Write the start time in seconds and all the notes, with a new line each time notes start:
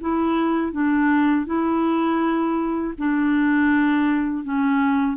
0.00 E4
0.71 D4
1.45 E4
2.98 D4
4.44 C#4